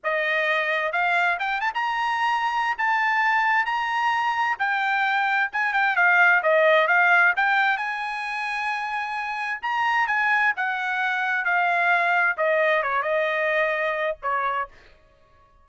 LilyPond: \new Staff \with { instrumentName = "trumpet" } { \time 4/4 \tempo 4 = 131 dis''2 f''4 g''8 a''16 ais''16~ | ais''2 a''2 | ais''2 g''2 | gis''8 g''8 f''4 dis''4 f''4 |
g''4 gis''2.~ | gis''4 ais''4 gis''4 fis''4~ | fis''4 f''2 dis''4 | cis''8 dis''2~ dis''8 cis''4 | }